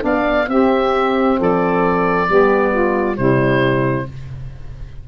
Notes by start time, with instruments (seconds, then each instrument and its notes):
0.00 tuba B3, saxophone D4 D5, oboe F5
0.48 tuba C4, saxophone C4 G4, oboe E5
1.38 tuba F3, saxophone A4, oboe D5
2.28 tuba G3, saxophone B3 G4
2.72 saxophone F4
3.15 tuba C3, saxophone G3 E4, oboe C5